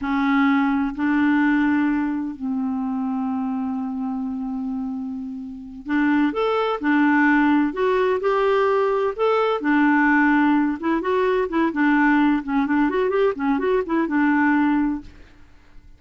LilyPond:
\new Staff \with { instrumentName = "clarinet" } { \time 4/4 \tempo 4 = 128 cis'2 d'2~ | d'4 c'2.~ | c'1~ | c'8 d'4 a'4 d'4.~ |
d'8 fis'4 g'2 a'8~ | a'8 d'2~ d'8 e'8 fis'8~ | fis'8 e'8 d'4. cis'8 d'8 fis'8 | g'8 cis'8 fis'8 e'8 d'2 | }